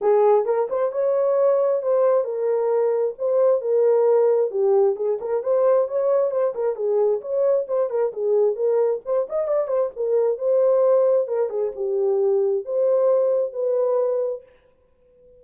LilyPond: \new Staff \with { instrumentName = "horn" } { \time 4/4 \tempo 4 = 133 gis'4 ais'8 c''8 cis''2 | c''4 ais'2 c''4 | ais'2 g'4 gis'8 ais'8 | c''4 cis''4 c''8 ais'8 gis'4 |
cis''4 c''8 ais'8 gis'4 ais'4 | c''8 dis''8 d''8 c''8 ais'4 c''4~ | c''4 ais'8 gis'8 g'2 | c''2 b'2 | }